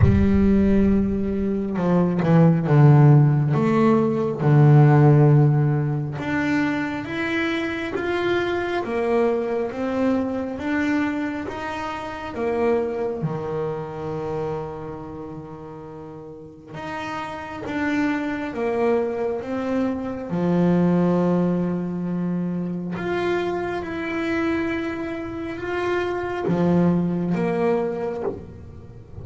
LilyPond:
\new Staff \with { instrumentName = "double bass" } { \time 4/4 \tempo 4 = 68 g2 f8 e8 d4 | a4 d2 d'4 | e'4 f'4 ais4 c'4 | d'4 dis'4 ais4 dis4~ |
dis2. dis'4 | d'4 ais4 c'4 f4~ | f2 f'4 e'4~ | e'4 f'4 f4 ais4 | }